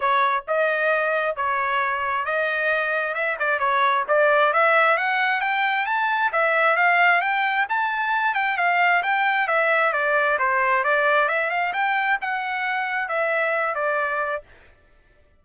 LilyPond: \new Staff \with { instrumentName = "trumpet" } { \time 4/4 \tempo 4 = 133 cis''4 dis''2 cis''4~ | cis''4 dis''2 e''8 d''8 | cis''4 d''4 e''4 fis''4 | g''4 a''4 e''4 f''4 |
g''4 a''4. g''8 f''4 | g''4 e''4 d''4 c''4 | d''4 e''8 f''8 g''4 fis''4~ | fis''4 e''4. d''4. | }